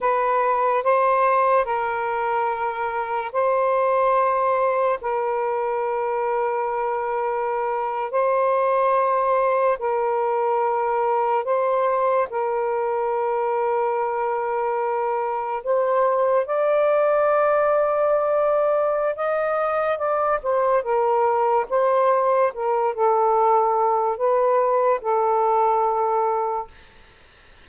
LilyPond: \new Staff \with { instrumentName = "saxophone" } { \time 4/4 \tempo 4 = 72 b'4 c''4 ais'2 | c''2 ais'2~ | ais'4.~ ais'16 c''2 ais'16~ | ais'4.~ ais'16 c''4 ais'4~ ais'16~ |
ais'2~ ais'8. c''4 d''16~ | d''2. dis''4 | d''8 c''8 ais'4 c''4 ais'8 a'8~ | a'4 b'4 a'2 | }